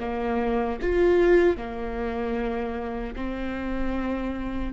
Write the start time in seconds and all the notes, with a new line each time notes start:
0.00 A#3
0.82 F4
1.58 A#3
3.16 C4